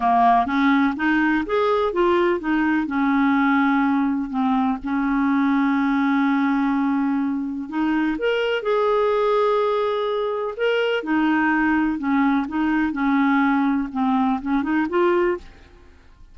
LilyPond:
\new Staff \with { instrumentName = "clarinet" } { \time 4/4 \tempo 4 = 125 ais4 cis'4 dis'4 gis'4 | f'4 dis'4 cis'2~ | cis'4 c'4 cis'2~ | cis'1 |
dis'4 ais'4 gis'2~ | gis'2 ais'4 dis'4~ | dis'4 cis'4 dis'4 cis'4~ | cis'4 c'4 cis'8 dis'8 f'4 | }